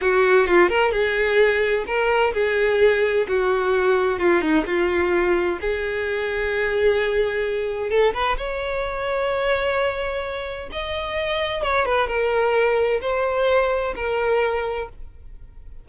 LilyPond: \new Staff \with { instrumentName = "violin" } { \time 4/4 \tempo 4 = 129 fis'4 f'8 ais'8 gis'2 | ais'4 gis'2 fis'4~ | fis'4 f'8 dis'8 f'2 | gis'1~ |
gis'4 a'8 b'8 cis''2~ | cis''2. dis''4~ | dis''4 cis''8 b'8 ais'2 | c''2 ais'2 | }